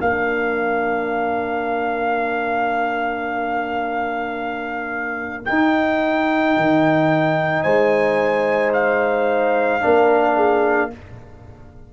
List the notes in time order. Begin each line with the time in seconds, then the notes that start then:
0.00 A#3 D4 A#4 F5
5.46 D#4 G5
6.57 D#3
7.63 G#3 C5 G#5
8.74 F5
9.81 A#3 D4 A#4
10.36 G#4